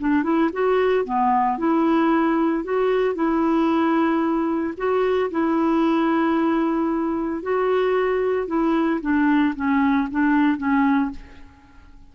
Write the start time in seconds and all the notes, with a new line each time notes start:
0.00 D4
0.23 E4
0.53 F#4
1.05 B3
1.58 E4
2.64 F#4
3.15 E4
4.77 F#4
5.31 E4
7.42 F#4
8.47 E4
9.01 D4
9.56 C#4
10.11 D4
10.58 C#4